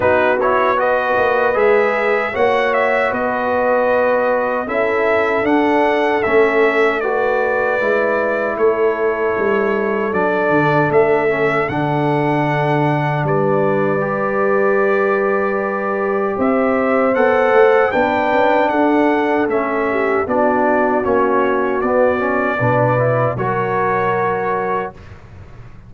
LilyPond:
<<
  \new Staff \with { instrumentName = "trumpet" } { \time 4/4 \tempo 4 = 77 b'8 cis''8 dis''4 e''4 fis''8 e''8 | dis''2 e''4 fis''4 | e''4 d''2 cis''4~ | cis''4 d''4 e''4 fis''4~ |
fis''4 d''2.~ | d''4 e''4 fis''4 g''4 | fis''4 e''4 d''4 cis''4 | d''2 cis''2 | }
  \new Staff \with { instrumentName = "horn" } { \time 4/4 fis'4 b'2 cis''4 | b'2 a'2~ | a'4 b'2 a'4~ | a'1~ |
a'4 b'2.~ | b'4 c''2 b'4 | a'4. g'8 fis'2~ | fis'4 b'4 ais'2 | }
  \new Staff \with { instrumentName = "trombone" } { \time 4/4 dis'8 e'8 fis'4 gis'4 fis'4~ | fis'2 e'4 d'4 | cis'4 fis'4 e'2~ | e'4 d'4. cis'8 d'4~ |
d'2 g'2~ | g'2 a'4 d'4~ | d'4 cis'4 d'4 cis'4 | b8 cis'8 d'8 e'8 fis'2 | }
  \new Staff \with { instrumentName = "tuba" } { \time 4/4 b4. ais8 gis4 ais4 | b2 cis'4 d'4 | a2 gis4 a4 | g4 fis8 d8 a4 d4~ |
d4 g2.~ | g4 c'4 b8 a8 b8 cis'8 | d'4 a4 b4 ais4 | b4 b,4 fis2 | }
>>